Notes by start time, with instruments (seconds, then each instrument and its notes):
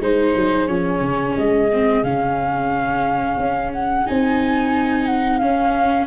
0.00 tuba G#3, viola D#4, saxophone G#4, flute C5
0.36 tuba F#3
0.67 tuba F3, viola C#4, flute C#5
1.01 tuba C#3
1.37 tuba G#3, flute D#5
1.73 viola C4
2.03 tuba C#3, viola C#4, flute F5
3.37 tuba C#4
3.73 flute F#5
4.07 tuba C4, viola D#4, flute G#5
5.06 flute F#5
5.38 tuba C#4, viola C#4, flute F5